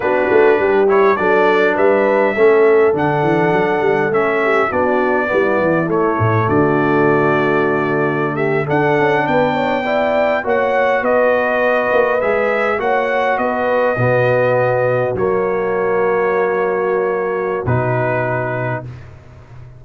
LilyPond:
<<
  \new Staff \with { instrumentName = "trumpet" } { \time 4/4 \tempo 4 = 102 b'4. cis''8 d''4 e''4~ | e''4 fis''2 e''4 | d''2 cis''4 d''4~ | d''2~ d''16 e''8 fis''4 g''16~ |
g''4.~ g''16 fis''4 dis''4~ dis''16~ | dis''8. e''4 fis''4 dis''4~ dis''16~ | dis''4.~ dis''16 cis''2~ cis''16~ | cis''2 b'2 | }
  \new Staff \with { instrumentName = "horn" } { \time 4/4 fis'4 g'4 a'4 b'4 | a'2.~ a'8 g'8 | fis'4 e'2 fis'4~ | fis'2~ fis'16 g'8 a'4 b'16~ |
b'16 cis''8 d''4 cis''4 b'4~ b'16~ | b'4.~ b'16 cis''4 b'4 fis'16~ | fis'1~ | fis'1 | }
  \new Staff \with { instrumentName = "trombone" } { \time 4/4 d'4. e'8 d'2 | cis'4 d'2 cis'4 | d'4 b4 a2~ | a2~ a8. d'4~ d'16~ |
d'8. e'4 fis'2~ fis'16~ | fis'8. gis'4 fis'2 b16~ | b4.~ b16 ais2~ ais16~ | ais2 dis'2 | }
  \new Staff \with { instrumentName = "tuba" } { \time 4/4 b8 a8 g4 fis4 g4 | a4 d8 e8 fis8 g8 a4 | b4 g8 e8 a8 a,8 d4~ | d2~ d8. d'8 cis'8 b16~ |
b4.~ b16 ais4 b4~ b16~ | b16 ais8 gis4 ais4 b4 b,16~ | b,4.~ b,16 fis2~ fis16~ | fis2 b,2 | }
>>